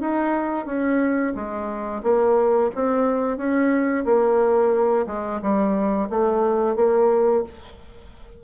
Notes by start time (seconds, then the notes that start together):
0.00 D#4
0.66 C#4
1.35 G#3
2.03 A#3
2.75 C4
3.37 C#4
4.05 A#3
5.07 G#3
5.41 G3
6.10 A3
6.76 A#3